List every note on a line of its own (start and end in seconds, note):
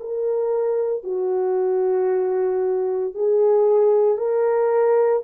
0.00 1.04 A#4
1.04 3.14 F#4
3.14 4.18 G#4
4.18 5.23 A#4